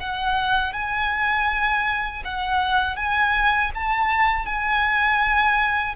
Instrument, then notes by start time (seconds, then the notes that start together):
violin
0.00 F#5
0.73 G#5
2.25 F#5
2.97 G#5
3.75 A5
4.46 G#5